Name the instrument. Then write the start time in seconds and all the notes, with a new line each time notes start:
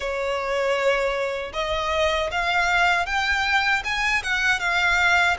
violin
0.00 C#5
1.53 D#5
2.31 F5
3.06 G5
3.84 G#5
4.23 F#5
4.59 F5